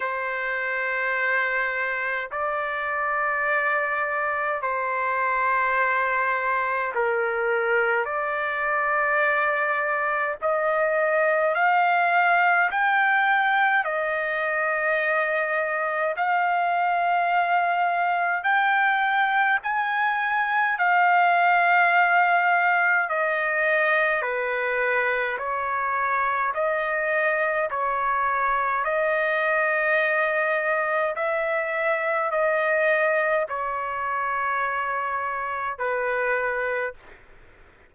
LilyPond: \new Staff \with { instrumentName = "trumpet" } { \time 4/4 \tempo 4 = 52 c''2 d''2 | c''2 ais'4 d''4~ | d''4 dis''4 f''4 g''4 | dis''2 f''2 |
g''4 gis''4 f''2 | dis''4 b'4 cis''4 dis''4 | cis''4 dis''2 e''4 | dis''4 cis''2 b'4 | }